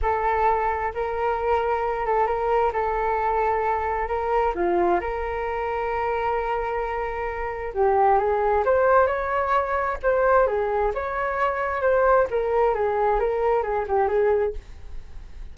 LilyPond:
\new Staff \with { instrumentName = "flute" } { \time 4/4 \tempo 4 = 132 a'2 ais'2~ | ais'8 a'8 ais'4 a'2~ | a'4 ais'4 f'4 ais'4~ | ais'1~ |
ais'4 g'4 gis'4 c''4 | cis''2 c''4 gis'4 | cis''2 c''4 ais'4 | gis'4 ais'4 gis'8 g'8 gis'4 | }